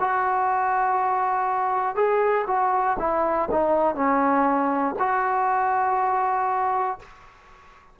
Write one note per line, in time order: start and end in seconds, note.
0.00 1.96 F#4
1.96 2.46 G#4
2.47 2.97 F#4
3.00 3.50 E4
3.51 3.95 D#4
3.95 4.95 C#4
5.00 7.00 F#4